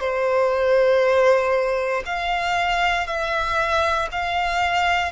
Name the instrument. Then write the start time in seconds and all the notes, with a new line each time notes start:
violin
0.00 C5
2.06 F5
3.07 E5
4.12 F5